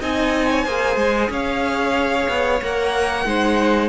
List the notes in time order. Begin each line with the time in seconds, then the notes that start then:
0.00 C4 D#4 D#5 G#5
0.50 C#5
0.65 A#3 G#4 C5
0.96 G#3
1.29 C#4 C#5 F5
2.28 B3
2.62 A#3 A#4 F#5
3.25 G#3 D#4 C5